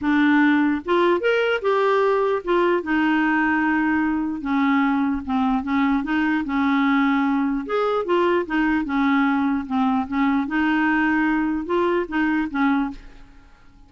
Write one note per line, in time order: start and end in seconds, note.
0.01 0.81 D4
0.85 1.20 F4
1.20 1.60 A#4
1.61 2.42 G4
2.43 2.82 F4
2.82 4.41 D#4
4.41 5.21 C#4
5.25 5.63 C4
5.63 6.03 C#4
6.03 6.44 D#4
6.44 7.65 C#4
7.65 8.05 G#4
8.05 8.45 F4
8.46 8.85 D#4
8.85 9.65 C#4
9.66 10.06 C4
10.07 10.47 C#4
10.47 11.65 D#4
11.65 12.05 F4
12.08 12.48 D#4
12.50 12.90 C#4